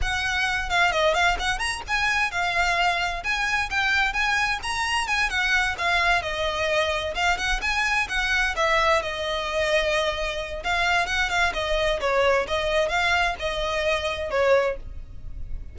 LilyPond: \new Staff \with { instrumentName = "violin" } { \time 4/4 \tempo 4 = 130 fis''4. f''8 dis''8 f''8 fis''8 ais''8 | gis''4 f''2 gis''4 | g''4 gis''4 ais''4 gis''8 fis''8~ | fis''8 f''4 dis''2 f''8 |
fis''8 gis''4 fis''4 e''4 dis''8~ | dis''2. f''4 | fis''8 f''8 dis''4 cis''4 dis''4 | f''4 dis''2 cis''4 | }